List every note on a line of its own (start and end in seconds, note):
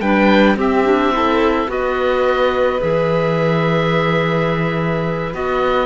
0.00 0.56 G3
0.00 0.56 D4
0.00 0.57 B4
0.00 0.56 G5
0.56 1.67 C4
0.56 0.84 C4
0.56 1.13 G4
0.56 1.71 E5
0.85 1.12 D4
1.12 1.67 E4
1.12 1.70 A4
1.67 2.79 B3
1.67 2.79 F#4
1.67 5.86 B4
1.67 2.81 D#5
2.80 5.34 E3
2.80 5.32 G#4
2.80 5.34 E5
5.33 5.86 B3
5.33 5.86 F#4
5.33 5.86 D#5